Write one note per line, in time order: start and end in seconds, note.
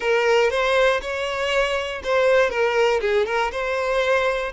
0.00 0.50 A#4
0.50 1.00 C5
1.01 2.02 C#5
2.03 2.50 C5
2.50 3.00 A#4
3.00 3.26 G#4
3.26 3.51 A#4
3.51 4.52 C5